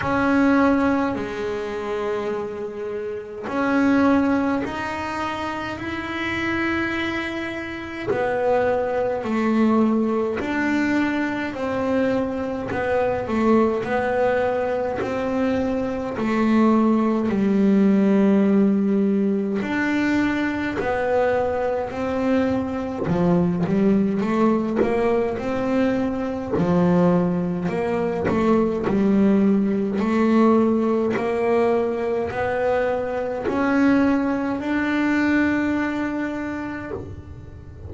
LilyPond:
\new Staff \with { instrumentName = "double bass" } { \time 4/4 \tempo 4 = 52 cis'4 gis2 cis'4 | dis'4 e'2 b4 | a4 d'4 c'4 b8 a8 | b4 c'4 a4 g4~ |
g4 d'4 b4 c'4 | f8 g8 a8 ais8 c'4 f4 | ais8 a8 g4 a4 ais4 | b4 cis'4 d'2 | }